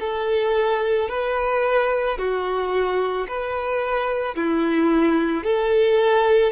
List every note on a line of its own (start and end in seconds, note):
0.00 1.09 A4
1.09 2.18 B4
2.18 3.27 F#4
3.28 4.36 B4
4.36 5.44 E4
5.44 6.53 A4